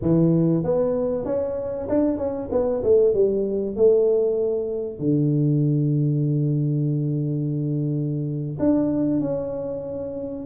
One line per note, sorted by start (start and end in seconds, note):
0.01 0.63 E3
0.63 1.25 B3
1.25 1.88 C#4
1.88 2.17 D4
2.17 2.48 C#4
2.51 2.83 B3
2.83 3.13 A3
3.13 3.76 G3
3.76 4.98 A3
4.98 8.58 D3
8.59 9.20 D4
9.20 10.45 C#4